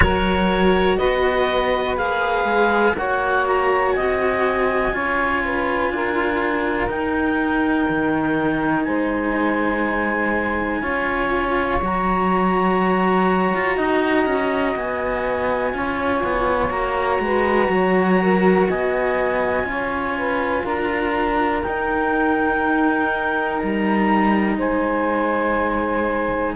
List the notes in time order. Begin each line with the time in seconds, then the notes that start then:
0.00 F#3 F#4 A#4 C#5
0.97 B3 B4 D#5
1.96 A#3 G#4 F5
2.44 G#3
2.93 A#3 F#4 C#5 F#5
3.47 A#5
3.91 C4 D#5 G#5
4.92 C#4 F4 C#5
5.44 B4
5.90 D4 A#4
6.87 D#4 G5
7.88 D#3
8.83 G#3 C5 G#5
10.81 C#4 F4 C#5
11.81 F#3 F#4 A#5
13.53 F4
13.76 D#4 D#5
14.26 C#4
14.75 B3 G#5
15.73 C#4 F4 C#5
16.23 B3
16.69 A#3 F#4 A#5
17.19 G#3 B4
17.69 F#3 C#5
18.20 A#4
18.69 B3 D#5 G#5
19.63 C#4 F4 C#5
20.17 B4
20.63 D4 A#4 A#5
21.62 D#4 G5
23.58 G3 A#5
24.57 G#3 C5 G#5